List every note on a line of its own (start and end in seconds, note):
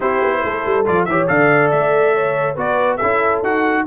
0.00 0.22 C4
0.00 0.84 E4
0.00 0.41 G4
0.00 0.86 C5
0.22 0.43 B3
0.44 0.65 A3
0.44 1.09 A4
0.65 0.87 G3
0.86 1.06 F3
0.86 1.07 F4
0.86 1.04 D5
1.04 1.28 E3
1.04 1.27 G4
1.04 1.30 C#5
1.04 1.26 E5
1.27 1.72 D3
1.27 2.55 A4
1.27 2.15 D5
1.27 1.71 F5
1.71 2.56 A3
1.71 2.56 E5
2.15 2.54 C#5
2.54 2.99 B3
2.54 2.99 F#4
2.54 2.96 B4
2.54 2.97 D5
2.96 3.42 C#4
2.96 3.43 E4
2.96 3.82 A4
2.96 3.39 E5
3.42 3.85 D#4
3.42 3.86 F#4
3.42 3.86 F#5